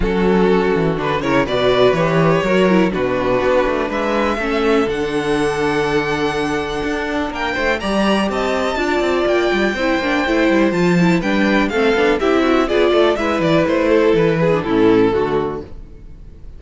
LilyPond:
<<
  \new Staff \with { instrumentName = "violin" } { \time 4/4 \tempo 4 = 123 a'2 b'8 cis''8 d''4 | cis''2 b'2 | e''2 fis''2~ | fis''2. g''4 |
ais''4 a''2 g''4~ | g''2 a''4 g''4 | f''4 e''4 d''4 e''8 d''8 | c''4 b'4 a'2 | }
  \new Staff \with { instrumentName = "violin" } { \time 4/4 fis'2~ fis'8 ais'8 b'4~ | b'4 ais'4 fis'2 | b'4 a'2.~ | a'2. ais'8 c''8 |
d''4 dis''4 d''2 | c''2. b'4 | a'4 g'8 fis'8 gis'8 a'8 b'4~ | b'8 a'4 gis'8 e'4 fis'4 | }
  \new Staff \with { instrumentName = "viola" } { \time 4/4 cis'2 d'8 e'8 fis'4 | g'4 fis'8 e'8 d'2~ | d'4 cis'4 d'2~ | d'1 |
g'2 f'2 | e'8 d'8 e'4 f'8 e'8 d'4 | c'8 d'8 e'4 f'4 e'4~ | e'4.~ e'16 d'16 cis'4 a4 | }
  \new Staff \with { instrumentName = "cello" } { \time 4/4 fis4. e8 d8 cis8 b,4 | e4 fis4 b,4 b8 a8 | gis4 a4 d2~ | d2 d'4 ais8 a8 |
g4 c'4 d'8 c'8 ais8 g8 | c'8 ais8 a8 g8 f4 g4 | a8 b8 c'4 b8 a8 gis8 e8 | a4 e4 a,4 d4 | }
>>